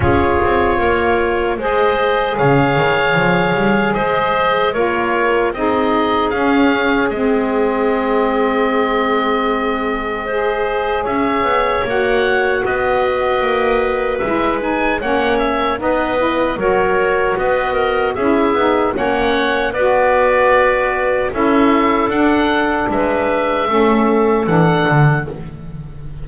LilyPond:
<<
  \new Staff \with { instrumentName = "oboe" } { \time 4/4 \tempo 4 = 76 cis''2 dis''4 f''4~ | f''4 dis''4 cis''4 dis''4 | f''4 dis''2.~ | dis''2 e''4 fis''4 |
dis''2 e''8 gis''8 fis''8 e''8 | dis''4 cis''4 dis''4 e''4 | fis''4 d''2 e''4 | fis''4 e''2 fis''4 | }
  \new Staff \with { instrumentName = "clarinet" } { \time 4/4 gis'4 ais'4 c''4 cis''4~ | cis''4 c''4 ais'4 gis'4~ | gis'1~ | gis'4 c''4 cis''2 |
b'2. cis''4 | b'4 ais'4 b'8 ais'8 gis'4 | cis''4 b'2 a'4~ | a'4 b'4 a'2 | }
  \new Staff \with { instrumentName = "saxophone" } { \time 4/4 f'2 gis'2~ | gis'2 f'4 dis'4 | cis'4 c'2.~ | c'4 gis'2 fis'4~ |
fis'2 e'8 dis'8 cis'4 | dis'8 e'8 fis'2 e'8 dis'8 | cis'4 fis'2 e'4 | d'2 cis'4 d'4 | }
  \new Staff \with { instrumentName = "double bass" } { \time 4/4 cis'8 c'8 ais4 gis4 cis8 dis8 | f8 g8 gis4 ais4 c'4 | cis'4 gis2.~ | gis2 cis'8 b8 ais4 |
b4 ais4 gis4 ais4 | b4 fis4 b4 cis'8 b8 | ais4 b2 cis'4 | d'4 gis4 a4 e8 d8 | }
>>